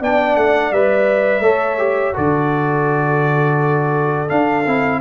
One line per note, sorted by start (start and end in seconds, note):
0.00 0.36 B3
0.00 0.73 D4
0.00 1.43 D5
0.00 0.36 G5
0.36 0.71 A3
0.36 0.72 F#5
0.71 1.39 G3
0.71 1.42 B4
0.71 2.15 E5
1.39 2.11 A3
1.39 1.78 A4
1.39 2.14 C#5
1.78 2.13 G4
2.13 4.30 D3
2.13 4.27 F#4
2.13 4.99 A4
2.13 4.29 D5
4.28 4.64 D4
4.28 4.66 D4
4.28 5.00 F5
4.66 5.00 C4
4.66 5.00 E4